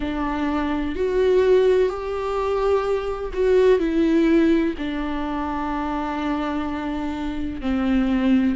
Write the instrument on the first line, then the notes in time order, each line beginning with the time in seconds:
viola
0.00 D4
0.95 F#4
1.89 G4
3.33 F#4
3.79 E4
4.77 D4
7.61 C4